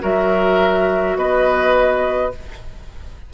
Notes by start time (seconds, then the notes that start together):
0.00 F#3 F#4 A#4 E5
1.16 B3 B4 D#5